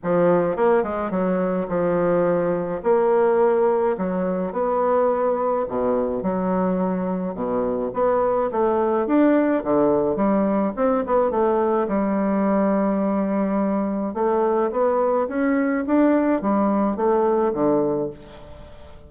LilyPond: \new Staff \with { instrumentName = "bassoon" } { \time 4/4 \tempo 4 = 106 f4 ais8 gis8 fis4 f4~ | f4 ais2 fis4 | b2 b,4 fis4~ | fis4 b,4 b4 a4 |
d'4 d4 g4 c'8 b8 | a4 g2.~ | g4 a4 b4 cis'4 | d'4 g4 a4 d4 | }